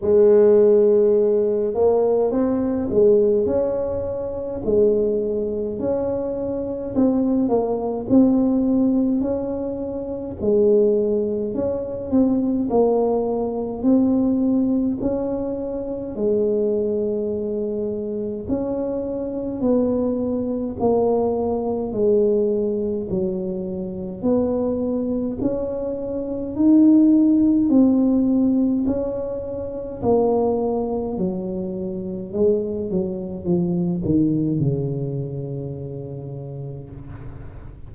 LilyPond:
\new Staff \with { instrumentName = "tuba" } { \time 4/4 \tempo 4 = 52 gis4. ais8 c'8 gis8 cis'4 | gis4 cis'4 c'8 ais8 c'4 | cis'4 gis4 cis'8 c'8 ais4 | c'4 cis'4 gis2 |
cis'4 b4 ais4 gis4 | fis4 b4 cis'4 dis'4 | c'4 cis'4 ais4 fis4 | gis8 fis8 f8 dis8 cis2 | }